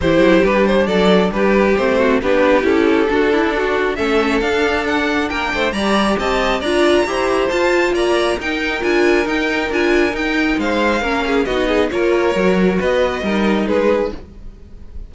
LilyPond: <<
  \new Staff \with { instrumentName = "violin" } { \time 4/4 \tempo 4 = 136 c''4 b'8 c''8 d''4 b'4 | c''4 b'4 a'2~ | a'4 e''4 f''4 fis''4 | g''4 ais''4 a''4 ais''4~ |
ais''4 a''4 ais''4 g''4 | gis''4 g''4 gis''4 g''4 | f''2 dis''4 cis''4~ | cis''4 dis''2 b'4 | }
  \new Staff \with { instrumentName = "violin" } { \time 4/4 g'2 a'4 g'4~ | g'8 fis'8 g'2 fis'8 e'8 | fis'4 a'2. | ais'8 c''8 d''4 dis''4 d''4 |
c''2 d''4 ais'4~ | ais'1 | c''4 ais'8 gis'8 fis'8 gis'8 ais'4~ | ais'4 b'4 ais'4 gis'4 | }
  \new Staff \with { instrumentName = "viola" } { \time 4/4 e'4 d'2. | c'4 d'4 e'4 d'4~ | d'4 cis'4 d'2~ | d'4 g'2 f'4 |
g'4 f'2 dis'4 | f'4 dis'4 f'4 dis'4~ | dis'4 cis'4 dis'4 f'4 | fis'2 dis'2 | }
  \new Staff \with { instrumentName = "cello" } { \time 4/4 e8 fis8 g4 fis4 g4 | a4 b4 cis'4 d'4~ | d'4 a4 d'2 | ais8 a8 g4 c'4 d'4 |
e'4 f'4 ais4 dis'4 | d'4 dis'4 d'4 dis'4 | gis4 ais4 b4 ais4 | fis4 b4 g4 gis4 | }
>>